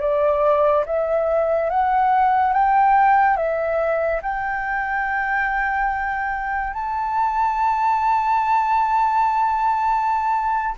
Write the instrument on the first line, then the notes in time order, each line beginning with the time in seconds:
flute
0.00 D5
0.86 E5
1.70 F#5
2.52 G5
3.36 E5
4.22 G5
6.73 A5